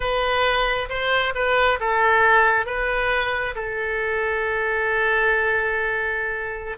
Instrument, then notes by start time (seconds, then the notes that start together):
oboe
0.00 B4
0.89 C5
1.34 B4
1.80 A4
2.66 B4
3.55 A4